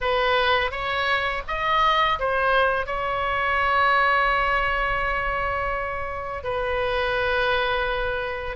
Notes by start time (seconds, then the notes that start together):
0.00 B4
0.71 C#5
1.47 D#5
2.19 C5
2.86 C#5
6.43 B4